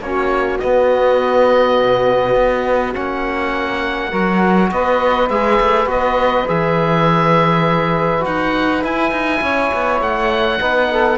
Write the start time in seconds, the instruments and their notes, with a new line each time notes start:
0.00 cello A#3, trombone C#4, saxophone F#4, oboe C#5
0.59 trombone B3, cello B3, oboe D#5
1.80 cello B2
2.36 cello B3
2.94 cello A#3, trombone C#4, oboe F#5
4.10 cello F#3, trombone F#4, saxophone A#4
4.71 cello B3, saxophone B4, oboe D#5
5.30 cello G#3, trombone G#4, oboe E5
5.61 cello A3
5.86 cello B3, trombone F#4, oboe D#5
6.47 cello E3, trombone G#4, oboe E5
8.20 cello D#4, trombone F#4, oboe F#5
8.83 trombone E4, cello E4, oboe G#5
9.12 cello D#4
9.41 cello C#4, saxophone C#5
9.74 cello B3
10.01 cello A3, oboe F#5
10.60 cello B3, trombone D#4, saxophone B4
10.91 saxophone A4